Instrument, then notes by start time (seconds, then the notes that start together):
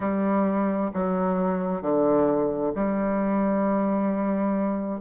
bassoon
0.00 G3
0.93 F#3
1.81 D3
2.74 G3